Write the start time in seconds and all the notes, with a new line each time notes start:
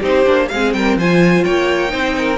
0.00 C4 D#4 G4 C5
0.25 A#3 D4
0.49 G#3 C4 G#4 F5
0.73 G3 A#4 G5
0.96 F3 F4 C5 G#5
1.44 A#3 C#5 G5
1.89 C4 D#4 C5
2.18 A#4